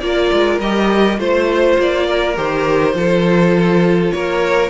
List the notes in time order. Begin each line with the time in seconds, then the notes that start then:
0.00 A#3 F4 A#4 D5
0.32 G#3
0.60 G3 G4 D#5
1.18 A3 F4 C5
1.78 A#3 D5
2.06 A#4
2.36 D#3 G4 C5
2.93 F3 F4 A4
4.11 A#3 A#4 C#5